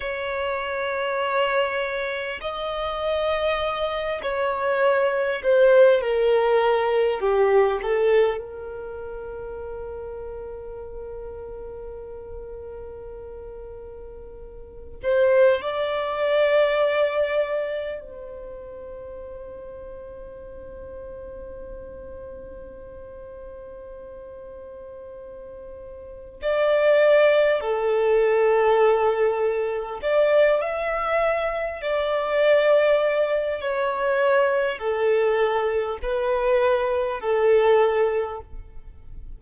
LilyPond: \new Staff \with { instrumentName = "violin" } { \time 4/4 \tempo 4 = 50 cis''2 dis''4. cis''8~ | cis''8 c''8 ais'4 g'8 a'8 ais'4~ | ais'1~ | ais'8 c''8 d''2 c''4~ |
c''1~ | c''2 d''4 a'4~ | a'4 d''8 e''4 d''4. | cis''4 a'4 b'4 a'4 | }